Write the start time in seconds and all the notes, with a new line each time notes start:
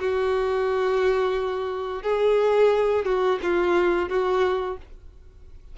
0.00 F#4
2.03 G#4
3.06 F#4
3.43 F4
4.09 F#4